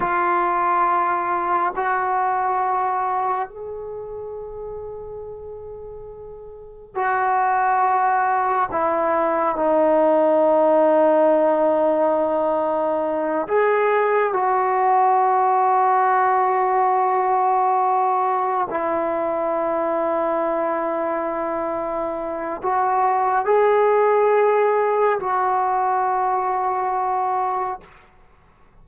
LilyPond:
\new Staff \with { instrumentName = "trombone" } { \time 4/4 \tempo 4 = 69 f'2 fis'2 | gis'1 | fis'2 e'4 dis'4~ | dis'2.~ dis'8 gis'8~ |
gis'8 fis'2.~ fis'8~ | fis'4. e'2~ e'8~ | e'2 fis'4 gis'4~ | gis'4 fis'2. | }